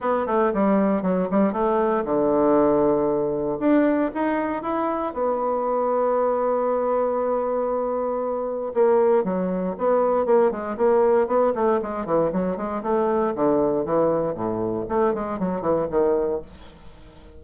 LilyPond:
\new Staff \with { instrumentName = "bassoon" } { \time 4/4 \tempo 4 = 117 b8 a8 g4 fis8 g8 a4 | d2. d'4 | dis'4 e'4 b2~ | b1~ |
b4 ais4 fis4 b4 | ais8 gis8 ais4 b8 a8 gis8 e8 | fis8 gis8 a4 d4 e4 | a,4 a8 gis8 fis8 e8 dis4 | }